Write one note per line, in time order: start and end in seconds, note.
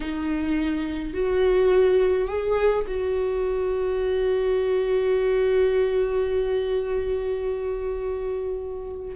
0.00 1.13 D#4
1.13 2.28 F#4
2.28 2.85 G#4
2.87 9.15 F#4